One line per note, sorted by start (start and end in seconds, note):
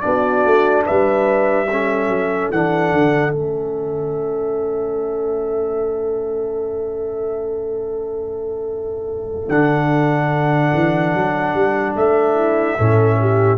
0.00 0.45 B3
0.00 1.66 D4
0.00 0.85 F#4
0.00 0.82 D5
0.45 0.86 A3
0.85 2.08 G3
0.85 1.67 B4
0.85 2.50 E5
1.70 2.53 C#4
1.70 12.34 A4
2.08 2.49 F#3
2.51 2.92 E3
2.51 3.32 D4
2.51 3.32 F#5
2.92 3.32 D3
3.32 9.48 A3
3.32 9.49 C#4
3.32 9.48 E5
9.48 10.72 D3
9.48 12.78 D4
9.48 11.95 F#5
10.73 11.13 E3
11.13 11.54 F#3
11.54 11.95 G3
11.96 12.78 A3
11.96 13.57 E5
12.34 12.76 E4
12.76 13.57 A2
12.76 13.57 C#4
12.76 13.17 A4
13.20 13.57 G4